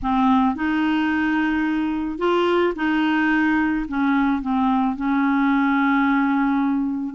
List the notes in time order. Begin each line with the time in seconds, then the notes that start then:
0.02 C4
0.55 D#4
2.18 F4
2.75 D#4
3.88 C#4
4.41 C4
4.95 C#4